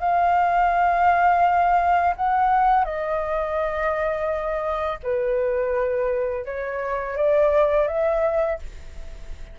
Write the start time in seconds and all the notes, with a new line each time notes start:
0.00 F5
2.16 F#5
2.85 D#5
5.03 B4
6.45 C#5
7.16 D5
7.87 E5